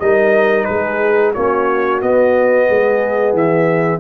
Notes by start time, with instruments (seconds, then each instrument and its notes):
0.00 tuba G3, trombone D#4, horn A#4, trumpet D#5
0.65 tuba G#3, horn G#4, trumpet B4
1.34 tuba A#3, trombone C#4, horn F#4, trumpet C#5
2.02 trombone B3, tuba B3, trumpet D#5
2.67 tuba G#3, horn G#4
3.33 tuba E3, trumpet E5